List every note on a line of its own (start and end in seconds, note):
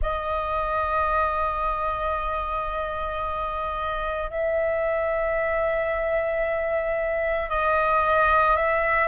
0.02 4.30 D#5
4.30 7.50 E5
7.50 8.56 D#5
8.56 9.07 E5